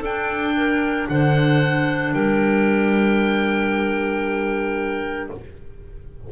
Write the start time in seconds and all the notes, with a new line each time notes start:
0.00 D4 A4 G5
0.56 A#4
1.09 D3 C5 F#5
2.13 G3 A#4 G5